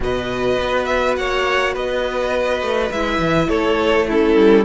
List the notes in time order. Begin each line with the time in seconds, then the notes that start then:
0.00 B2 F#4 B4 D#5
0.59 B3
0.85 E5
1.16 A#3 C#5 F#5
1.73 B3 B4 D#5
2.61 A3
2.91 G#3 E4 E5
3.18 E3
3.48 A3 A4 C#5
4.07 C#4 E4 A4
4.35 G3